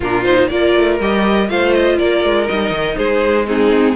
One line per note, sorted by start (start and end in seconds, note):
0.00 0.50 A#2
0.00 0.25 D4
0.00 0.49 F4
0.00 0.24 A#4
0.24 0.49 D#4
0.24 0.47 C5
0.47 0.75 A#3
0.47 0.99 F4
0.47 1.49 A#4
0.47 0.97 D5
0.76 1.00 A3
1.00 1.49 G3
1.00 1.48 G4
1.00 1.49 D#5
1.48 1.99 A3
1.48 2.46 F4
1.48 1.97 C5
1.48 1.73 F5
1.73 1.98 D#5
1.97 2.23 A#3
1.97 2.96 A#4
1.97 2.47 D5
2.23 2.48 G#3
2.46 2.70 G3
2.46 3.45 D#4
2.46 2.96 D#5
2.70 2.95 D#3
2.96 3.95 G#3
2.96 3.47 G#4
2.96 3.46 C5
3.46 3.95 C4
3.46 3.95 D#4
3.46 3.95 G#4